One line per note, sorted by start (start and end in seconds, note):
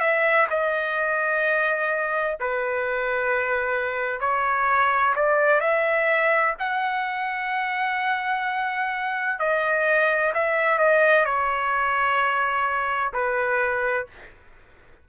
0.00 0.47 E5
0.50 2.38 D#5
2.40 4.21 B4
4.21 5.14 C#5
5.15 5.60 D5
5.60 6.54 E5
6.59 9.39 F#5
9.39 10.33 D#5
10.34 10.79 E5
10.79 11.25 D#5
11.25 13.12 C#5
13.13 14.07 B4